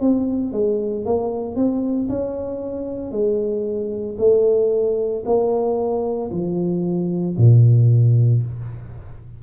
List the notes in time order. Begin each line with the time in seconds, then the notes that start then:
0.00 C4
0.52 G#3
1.05 A#3
1.56 C4
2.09 C#4
3.11 G#3
4.18 A3
5.25 A#3
6.31 F3
7.37 A#2